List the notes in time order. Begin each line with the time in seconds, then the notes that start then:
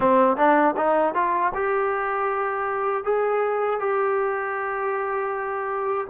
0.00 C4
0.36 D4
0.76 D#4
1.14 F4
1.54 G4
3.03 G#4
3.79 G4